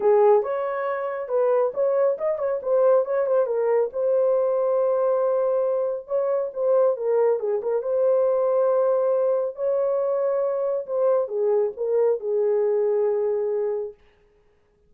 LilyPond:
\new Staff \with { instrumentName = "horn" } { \time 4/4 \tempo 4 = 138 gis'4 cis''2 b'4 | cis''4 dis''8 cis''8 c''4 cis''8 c''8 | ais'4 c''2.~ | c''2 cis''4 c''4 |
ais'4 gis'8 ais'8 c''2~ | c''2 cis''2~ | cis''4 c''4 gis'4 ais'4 | gis'1 | }